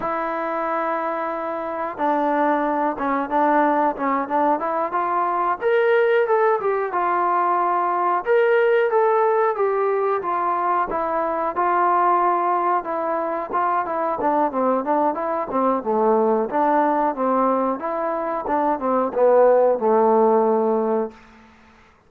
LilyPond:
\new Staff \with { instrumentName = "trombone" } { \time 4/4 \tempo 4 = 91 e'2. d'4~ | d'8 cis'8 d'4 cis'8 d'8 e'8 f'8~ | f'8 ais'4 a'8 g'8 f'4.~ | f'8 ais'4 a'4 g'4 f'8~ |
f'8 e'4 f'2 e'8~ | e'8 f'8 e'8 d'8 c'8 d'8 e'8 c'8 | a4 d'4 c'4 e'4 | d'8 c'8 b4 a2 | }